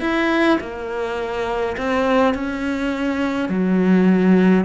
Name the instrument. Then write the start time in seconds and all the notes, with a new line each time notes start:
cello
0.00 E4
0.61 A#3
1.77 C4
2.34 C#4
3.49 F#3